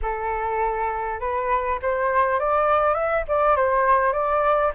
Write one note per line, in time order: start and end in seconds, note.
0.02 1.19 A4
1.19 1.79 B4
1.81 2.39 C5
2.39 2.94 D5
2.94 3.24 E5
3.28 3.56 D5
3.56 4.12 C5
4.12 4.72 D5